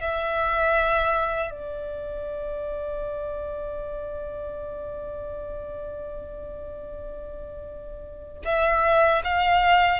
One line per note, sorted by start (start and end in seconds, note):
0.00 1.50 E5
1.50 8.42 D5
8.45 9.22 E5
9.24 9.99 F5